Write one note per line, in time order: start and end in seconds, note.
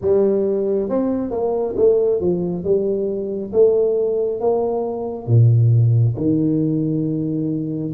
0.01 0.89 G3
0.89 1.30 C4
1.30 1.74 A#3
1.76 2.20 A3
2.20 2.64 F3
2.64 3.52 G3
3.53 4.40 A3
4.40 5.27 A#3
5.27 6.15 A#2
6.16 7.93 D#3